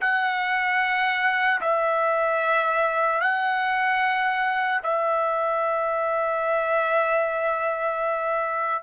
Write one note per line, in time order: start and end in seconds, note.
0.00 1.60 F#5
1.61 3.21 E5
3.21 4.81 F#5
4.83 8.82 E5